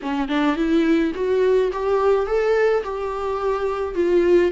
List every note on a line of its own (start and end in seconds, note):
0.02 0.28 C#4
0.28 0.56 D4
0.56 1.12 E4
1.14 1.71 F#4
1.72 2.26 G4
2.26 2.83 A4
2.83 3.94 G4
3.94 4.51 F4